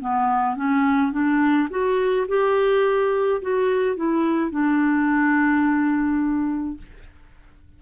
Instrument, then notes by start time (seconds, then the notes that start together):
clarinet
0.00 B3
0.56 C#4
1.12 D4
1.70 F#4
2.28 G4
3.42 F#4
3.96 E4
4.51 D4